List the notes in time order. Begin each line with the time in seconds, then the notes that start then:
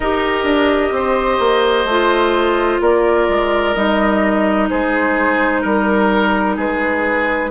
0.00 D#4 G4 A#4 D#5
0.43 D4
0.91 C4 C5
1.39 A#3
1.84 A3 F4
2.80 A#3 A#4 D5
3.28 G#3
3.74 G3 D#4 D#5
4.69 G#3 G#4 C5
5.61 G3 A#4
6.56 G#3 G#4 B4